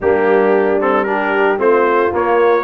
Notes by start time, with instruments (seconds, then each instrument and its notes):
0.01 tuba G3, trombone A#3, horn D4, trumpet G4
0.80 trombone C4, trumpet A4
1.04 trombone D4, horn G4, trumpet A#4
1.58 tuba A3, trombone C4, horn F4, trumpet C5
2.12 trombone A#3, tuba A#3, trumpet C#5